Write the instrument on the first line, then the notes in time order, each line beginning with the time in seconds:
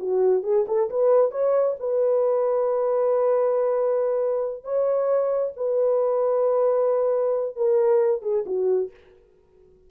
horn
0.00 F#4
0.43 G#4
0.68 A4
0.90 B4
1.32 C#5
1.80 B4
4.64 C#5
5.57 B4
7.56 A#4
8.22 G#4
8.46 F#4